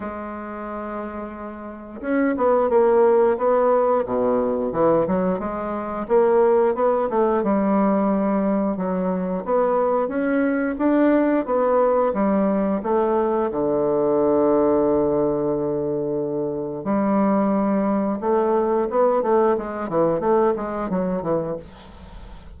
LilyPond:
\new Staff \with { instrumentName = "bassoon" } { \time 4/4 \tempo 4 = 89 gis2. cis'8 b8 | ais4 b4 b,4 e8 fis8 | gis4 ais4 b8 a8 g4~ | g4 fis4 b4 cis'4 |
d'4 b4 g4 a4 | d1~ | d4 g2 a4 | b8 a8 gis8 e8 a8 gis8 fis8 e8 | }